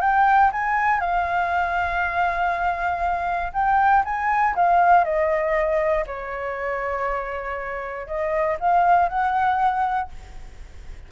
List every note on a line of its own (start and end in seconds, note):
0.00 0.50 G5
0.52 0.99 G#5
0.99 3.52 F5
3.52 4.03 G5
4.04 4.54 G#5
4.55 5.04 F5
5.04 6.04 D#5
6.06 8.07 C#5
8.07 8.57 D#5
8.59 9.08 F5
9.08 10.09 F#5